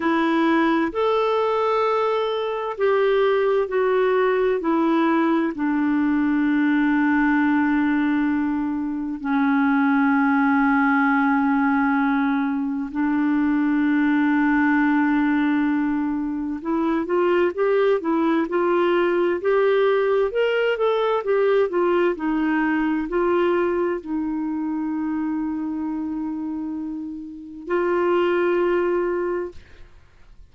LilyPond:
\new Staff \with { instrumentName = "clarinet" } { \time 4/4 \tempo 4 = 65 e'4 a'2 g'4 | fis'4 e'4 d'2~ | d'2 cis'2~ | cis'2 d'2~ |
d'2 e'8 f'8 g'8 e'8 | f'4 g'4 ais'8 a'8 g'8 f'8 | dis'4 f'4 dis'2~ | dis'2 f'2 | }